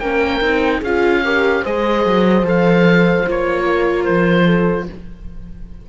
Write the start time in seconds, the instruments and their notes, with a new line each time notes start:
0.00 cello A#3, viola C#4, horn A#4, oboe G5
0.41 cello C4, viola D#4
0.79 cello C#4, horn G#4, oboe F5
0.86 viola F4
1.24 viola G4, horn A#4
1.62 cello G#3, viola G#4, horn C5, oboe D#5
2.05 cello F#3
2.42 cello F3, viola A4, oboe F5
3.26 cello A#3, viola F4, oboe C#5
3.66 horn A#4
4.04 cello F3, oboe C5
4.45 horn A4